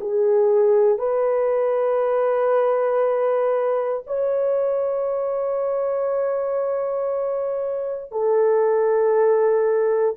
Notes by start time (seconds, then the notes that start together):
0.00 G#4
0.98 B4
4.06 C#5
8.12 A4